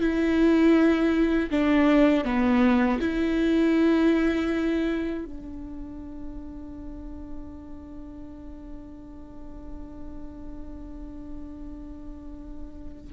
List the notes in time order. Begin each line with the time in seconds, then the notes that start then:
0.00 E4
1.50 D4
2.24 B3
3.00 E4
5.25 D4